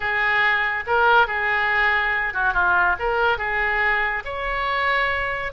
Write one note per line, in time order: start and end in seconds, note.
0.00 0.84 G#4
0.86 1.27 A#4
1.27 2.33 G#4
2.33 2.53 F#4
2.53 2.96 F4
2.99 3.38 A#4
3.38 4.23 G#4
4.24 5.52 C#5